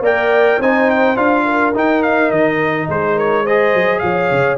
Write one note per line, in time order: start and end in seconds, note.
0.00 0.57 A#3
0.00 0.61 A#4
0.00 0.58 D5
0.00 0.62 G5
0.58 1.17 C4
0.58 1.17 D#4
0.58 1.44 C5
0.58 0.91 G#5
0.91 1.17 G5
1.17 1.74 D4
1.17 1.74 F4
1.17 1.74 F5
1.45 2.88 A#4
1.75 2.31 D#4
1.75 3.47 D#4
1.75 2.03 G5
2.03 2.31 F5
2.31 2.88 D#3
2.31 2.88 D#5
2.89 3.74 G#3
2.89 3.16 G#4
2.89 3.19 C5
3.16 3.44 A#4
3.16 3.47 C#5
3.44 4.58 G#4
3.44 4.01 C5
3.44 4.00 D#5
3.74 4.03 F#3
4.00 4.31 F3
4.00 4.58 C#5
4.00 4.57 F5
4.31 4.58 C#3